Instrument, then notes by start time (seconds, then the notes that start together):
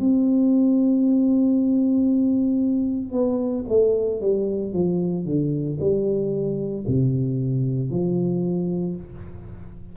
tuba
0.00 C4
3.12 B3
3.69 A3
4.21 G3
4.73 F3
5.26 D3
5.80 G3
6.88 C3
7.91 F3